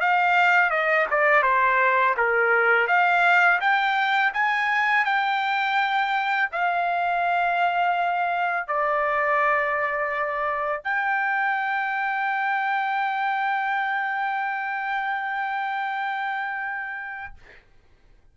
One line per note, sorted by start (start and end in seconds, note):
0.00 0.70 F5
0.70 1.06 D#5
1.11 1.43 D5
1.43 2.15 C5
2.17 2.88 A#4
2.88 3.60 F5
3.60 4.33 G5
4.33 5.05 G#5
5.05 6.50 G5
6.52 8.67 F5
8.67 10.84 D5
10.84 17.34 G5